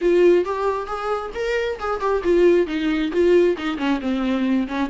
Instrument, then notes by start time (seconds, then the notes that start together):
viola
0.01 F4
0.44 G4
0.86 G#4
1.34 A#4
1.79 G#4
2.00 G4
2.23 F4
2.67 D#4
3.12 F4
3.57 D#4
3.77 C#4
4.00 C4
4.67 C#4